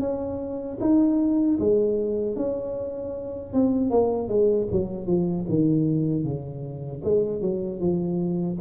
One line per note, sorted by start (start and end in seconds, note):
0.00 0.78 C#4
0.80 1.58 D#4
1.59 2.36 G#3
2.36 3.53 C#4
3.53 3.91 C4
3.91 4.29 A#3
4.29 4.68 G#3
4.72 5.06 F#3
5.06 5.45 F3
5.49 6.24 D#3
6.24 7.02 C#3
7.04 7.41 G#3
7.41 7.80 F#3
7.80 8.58 F3